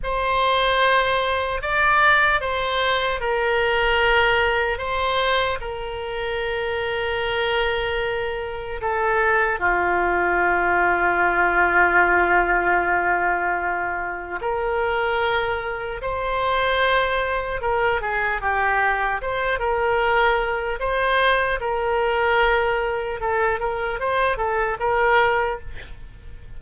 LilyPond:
\new Staff \with { instrumentName = "oboe" } { \time 4/4 \tempo 4 = 75 c''2 d''4 c''4 | ais'2 c''4 ais'4~ | ais'2. a'4 | f'1~ |
f'2 ais'2 | c''2 ais'8 gis'8 g'4 | c''8 ais'4. c''4 ais'4~ | ais'4 a'8 ais'8 c''8 a'8 ais'4 | }